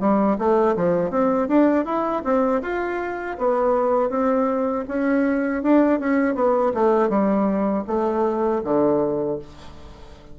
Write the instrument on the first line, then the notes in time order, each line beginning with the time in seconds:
bassoon
0.00 G3
0.39 A3
0.76 F3
1.10 C4
1.48 D4
1.85 E4
2.24 C4
2.62 F4
3.38 B3
4.10 C4
4.88 C#4
5.63 D4
6.00 C#4
6.35 B3
6.74 A3
7.09 G3
7.87 A3
8.64 D3